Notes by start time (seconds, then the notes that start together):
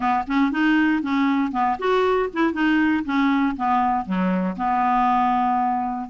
0.00 B3
0.27 C#4
0.51 D#4
1.02 C#4
1.51 B3
1.78 F#4
2.33 E4
2.53 D#4
3.05 C#4
3.56 B3
4.05 F#3
4.56 B3